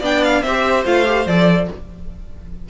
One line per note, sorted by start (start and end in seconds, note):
0.00 0.43 B3
0.00 0.44 D4
0.00 0.42 D5
0.00 0.24 G5
0.24 0.43 F5
0.43 0.85 C4
0.43 0.86 G4
0.43 1.69 C5
0.43 0.85 E5
0.86 1.27 A3
0.86 1.05 F4
0.86 1.27 F5
1.05 1.26 G4
1.27 1.68 F3
1.27 1.70 A4
1.27 1.69 D5